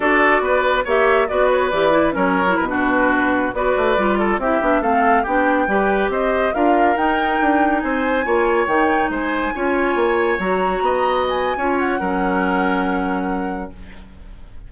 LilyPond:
<<
  \new Staff \with { instrumentName = "flute" } { \time 4/4 \tempo 4 = 140 d''2 e''4 d''8 cis''8 | d''4 cis''4 b'2~ | b'16 d''2 e''4 f''8.~ | f''16 g''2 dis''4 f''8.~ |
f''16 g''2 gis''4.~ gis''16~ | gis''16 g''4 gis''2~ gis''8.~ | gis''16 ais''2 gis''4~ gis''16 fis''8~ | fis''1 | }
  \new Staff \with { instrumentName = "oboe" } { \time 4/4 a'4 b'4 cis''4 b'4~ | b'4 ais'4~ ais'16 fis'4.~ fis'16~ | fis'16 b'4. a'8 g'4 a'8.~ | a'16 g'4 b'4 c''4 ais'8.~ |
ais'2~ ais'16 c''4 cis''8.~ | cis''4~ cis''16 c''4 cis''4.~ cis''16~ | cis''4~ cis''16 dis''4.~ dis''16 cis''4 | ais'1 | }
  \new Staff \with { instrumentName = "clarinet" } { \time 4/4 fis'2 g'4 fis'4 | g'8 e'8 cis'8. e'8 d'4.~ d'16~ | d'16 fis'4 f'4 e'8 d'8 c'8.~ | c'16 d'4 g'2 f'8.~ |
f'16 dis'2. f'8.~ | f'16 dis'2 f'4.~ f'16~ | f'16 fis'2~ fis'8. f'4 | cis'1 | }
  \new Staff \with { instrumentName = "bassoon" } { \time 4/4 d'4 b4 ais4 b4 | e4 fis4 b,2~ | b,16 b8 a8 g4 c'8 b8 a8.~ | a16 b4 g4 c'4 d'8.~ |
d'16 dis'4 d'4 c'4 ais8.~ | ais16 dis4 gis4 cis'4 ais8.~ | ais16 fis4 b4.~ b16 cis'4 | fis1 | }
>>